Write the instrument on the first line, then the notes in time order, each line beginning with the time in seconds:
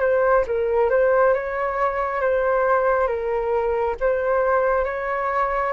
flute
0.00 C5
0.47 A#4
0.89 C5
1.34 C#5
2.21 C5
3.07 A#4
4.00 C5
4.84 C#5